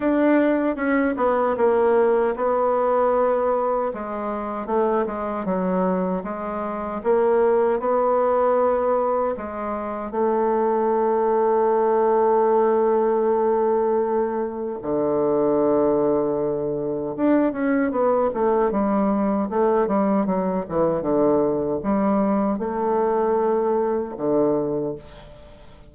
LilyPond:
\new Staff \with { instrumentName = "bassoon" } { \time 4/4 \tempo 4 = 77 d'4 cis'8 b8 ais4 b4~ | b4 gis4 a8 gis8 fis4 | gis4 ais4 b2 | gis4 a2.~ |
a2. d4~ | d2 d'8 cis'8 b8 a8 | g4 a8 g8 fis8 e8 d4 | g4 a2 d4 | }